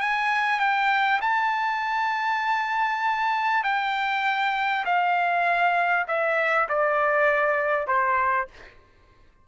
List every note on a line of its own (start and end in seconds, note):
0.00 0.59 G#5
0.59 1.20 G5
1.21 3.63 A5
3.63 4.85 G5
4.85 6.06 F5
6.07 6.68 E5
6.68 7.87 D5
7.87 8.47 C5